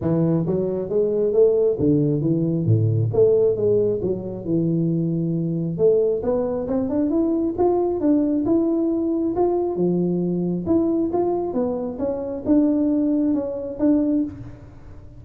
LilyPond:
\new Staff \with { instrumentName = "tuba" } { \time 4/4 \tempo 4 = 135 e4 fis4 gis4 a4 | d4 e4 a,4 a4 | gis4 fis4 e2~ | e4 a4 b4 c'8 d'8 |
e'4 f'4 d'4 e'4~ | e'4 f'4 f2 | e'4 f'4 b4 cis'4 | d'2 cis'4 d'4 | }